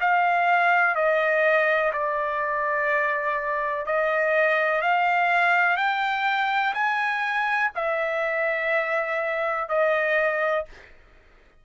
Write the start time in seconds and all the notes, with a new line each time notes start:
0.00 F5
0.95 D#5
1.92 D5
3.85 D#5
4.81 F5
5.76 G5
6.73 G#5
7.75 E5
9.68 D#5